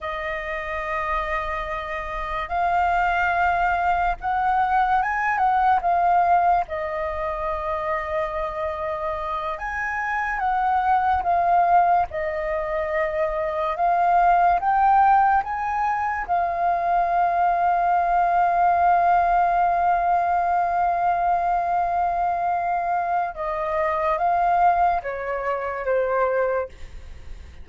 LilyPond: \new Staff \with { instrumentName = "flute" } { \time 4/4 \tempo 4 = 72 dis''2. f''4~ | f''4 fis''4 gis''8 fis''8 f''4 | dis''2.~ dis''8 gis''8~ | gis''8 fis''4 f''4 dis''4.~ |
dis''8 f''4 g''4 gis''4 f''8~ | f''1~ | f''1 | dis''4 f''4 cis''4 c''4 | }